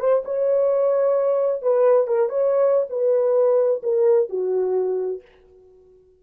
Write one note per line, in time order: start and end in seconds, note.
0.00 0.23 C5
0.25 1.62 C#5
1.62 2.08 B4
2.08 2.29 A#4
2.29 2.87 C#5
2.90 3.82 B4
3.83 4.29 A#4
4.30 5.22 F#4